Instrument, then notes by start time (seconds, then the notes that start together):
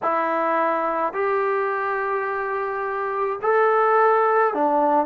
trombone
0.02 E4
1.13 G4
3.42 A4
4.53 D4